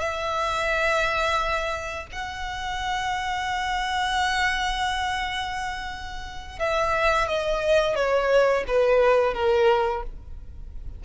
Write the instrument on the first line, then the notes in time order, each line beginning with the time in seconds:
violin
0.00 E5
2.13 F#5
6.59 E5
7.28 D#5
7.96 C#5
8.67 B4
9.34 A#4